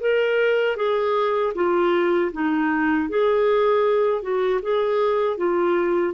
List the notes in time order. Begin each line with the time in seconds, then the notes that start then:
0.00 A#4
0.76 G#4
1.55 F4
2.32 D#4
3.09 G#4
4.22 F#4
4.62 G#4
5.37 F4